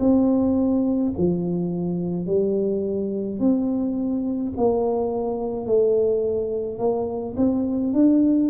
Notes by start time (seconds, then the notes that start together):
0.00 C4
1.18 F3
2.27 G3
3.40 C4
4.57 A#3
5.66 A3
6.79 A#3
7.37 C4
7.93 D4